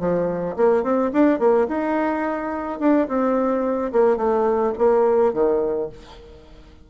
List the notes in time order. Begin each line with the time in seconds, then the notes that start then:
0.00 F3
0.57 A#3
0.84 C4
1.13 D4
1.39 A#3
1.68 D#4
2.80 D4
3.08 C4
3.93 A#3
4.17 A3
4.78 A#3
5.33 D#3